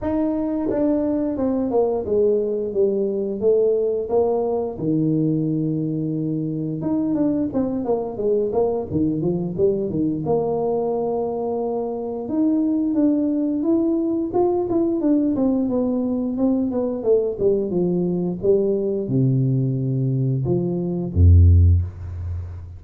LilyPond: \new Staff \with { instrumentName = "tuba" } { \time 4/4 \tempo 4 = 88 dis'4 d'4 c'8 ais8 gis4 | g4 a4 ais4 dis4~ | dis2 dis'8 d'8 c'8 ais8 | gis8 ais8 dis8 f8 g8 dis8 ais4~ |
ais2 dis'4 d'4 | e'4 f'8 e'8 d'8 c'8 b4 | c'8 b8 a8 g8 f4 g4 | c2 f4 f,4 | }